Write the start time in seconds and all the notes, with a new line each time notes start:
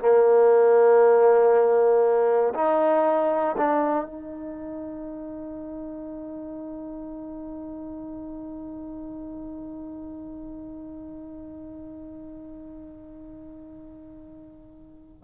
0.00 A#3
2.55 D#4
3.58 D4
4.06 D#4